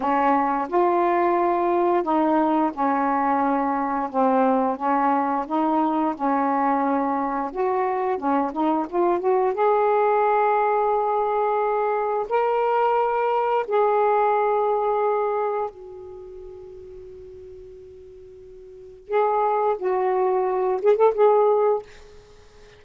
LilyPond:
\new Staff \with { instrumentName = "saxophone" } { \time 4/4 \tempo 4 = 88 cis'4 f'2 dis'4 | cis'2 c'4 cis'4 | dis'4 cis'2 fis'4 | cis'8 dis'8 f'8 fis'8 gis'2~ |
gis'2 ais'2 | gis'2. fis'4~ | fis'1 | gis'4 fis'4. gis'16 a'16 gis'4 | }